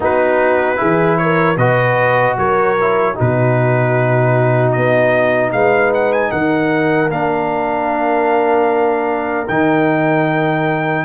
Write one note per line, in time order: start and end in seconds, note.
0.00 0.79 B3
0.00 0.76 D#4
0.00 0.78 F#4
0.00 1.17 B4
0.76 1.56 E3
0.76 1.55 E4
0.76 1.17 G#4
1.17 1.57 A#4
1.17 1.57 C#5
1.56 2.35 B2
1.56 2.77 F#4
1.56 2.36 B4
1.56 2.36 D#5
2.37 3.16 F#3
2.37 3.14 A#4
2.37 3.17 C#5
2.80 3.14 E4
3.14 4.76 B2
3.14 7.09 D#4
3.14 5.51 F#4
3.14 4.71 B4
4.71 5.52 B3
4.71 5.50 D#5
5.52 6.31 G#3
5.52 6.31 B4
5.52 5.92 F5
5.94 6.12 F#5
6.12 6.31 G#5
6.31 7.10 D#3
6.31 11.04 A#4
6.31 7.10 F#5
7.10 9.46 A#3
7.10 9.47 D4
7.10 9.48 F5
9.48 11.05 D#3
9.48 11.05 D#4
9.48 11.05 G5